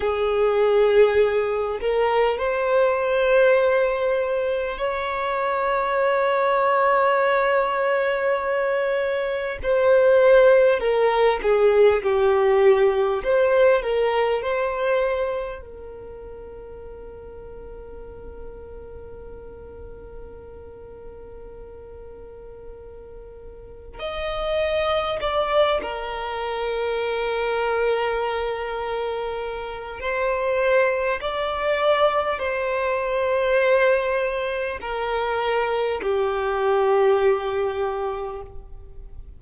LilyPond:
\new Staff \with { instrumentName = "violin" } { \time 4/4 \tempo 4 = 50 gis'4. ais'8 c''2 | cis''1 | c''4 ais'8 gis'8 g'4 c''8 ais'8 | c''4 ais'2.~ |
ais'1 | dis''4 d''8 ais'2~ ais'8~ | ais'4 c''4 d''4 c''4~ | c''4 ais'4 g'2 | }